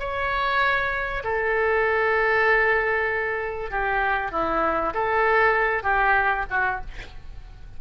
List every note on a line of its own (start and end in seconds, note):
0.00 1.24 C#5
1.24 3.71 A4
3.71 4.32 G4
4.32 4.94 E4
4.94 5.83 A4
5.83 6.45 G4
6.51 6.82 F#4